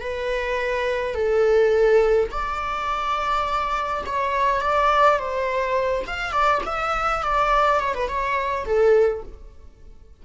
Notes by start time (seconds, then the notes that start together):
0.00 B4
1.15 A4
2.31 D5
4.05 C#5
4.61 D5
5.18 C5
6.07 F5
6.32 D5
6.66 E5
7.23 D5
7.80 C#5
7.94 B4
8.08 C#5
8.65 A4